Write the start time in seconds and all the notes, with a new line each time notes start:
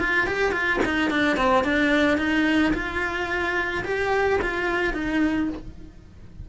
0.00 F4
0.27 G4
0.52 F4
0.85 D#4
1.11 D4
1.37 C4
1.64 D4
2.18 D#4
2.74 F4
3.85 G4
4.42 F4
4.94 D#4